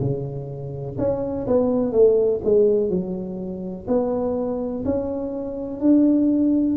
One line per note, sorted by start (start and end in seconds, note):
0.00 0.97 C#3
0.98 1.46 C#4
1.47 1.92 B3
1.92 2.41 A3
2.44 2.90 G#3
2.90 3.87 F#3
3.87 4.84 B3
4.85 5.80 C#4
5.80 6.77 D4